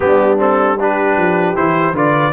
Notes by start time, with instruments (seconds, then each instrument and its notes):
0.00 tuba G3, trombone B3, horn D4, trumpet G4
0.38 trombone C4, trumpet A4
0.78 trombone D4, horn G4, trumpet B4
1.17 tuba F3
1.55 tuba E3, trombone E4, trumpet C5
1.92 tuba D3, trombone F4, horn B4, trumpet D5